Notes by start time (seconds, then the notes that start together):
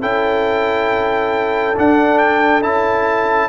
0.00 C#4 E4 A4 G5
1.76 D4 F#5
2.18 G5
2.62 C#4 E4 A5